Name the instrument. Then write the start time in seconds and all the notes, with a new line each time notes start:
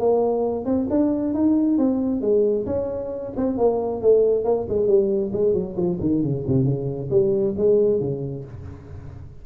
tuba
0.00 A#3
0.66 C4
0.90 D4
1.34 D#4
1.78 C4
2.21 G#3
2.66 C#4
3.37 C4
3.58 A#3
4.02 A3
4.45 A#3
4.69 G#3
4.87 G3
5.33 G#3
5.54 F#3
5.77 F3
6.01 D#3
6.23 C#3
6.47 C3
6.65 C#3
7.11 G3
7.58 G#3
8.00 C#3